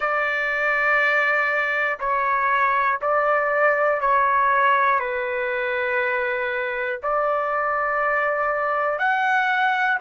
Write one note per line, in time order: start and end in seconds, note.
0.00 1.98 D5
2.00 3.00 C#5
3.01 4.00 D5
4.00 4.99 C#5
4.99 6.99 B4
7.02 8.99 D5
8.99 9.99 F#5